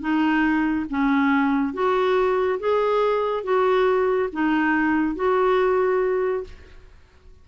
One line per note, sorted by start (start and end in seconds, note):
0.00 0.86 D#4
0.89 1.73 C#4
1.73 2.59 F#4
2.59 3.43 G#4
3.43 4.29 F#4
4.32 5.15 D#4
5.15 6.44 F#4